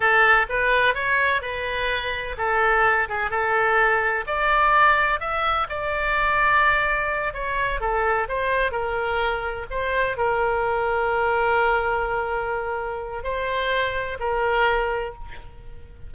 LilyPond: \new Staff \with { instrumentName = "oboe" } { \time 4/4 \tempo 4 = 127 a'4 b'4 cis''4 b'4~ | b'4 a'4. gis'8 a'4~ | a'4 d''2 e''4 | d''2.~ d''8 cis''8~ |
cis''8 a'4 c''4 ais'4.~ | ais'8 c''4 ais'2~ ais'8~ | ais'1 | c''2 ais'2 | }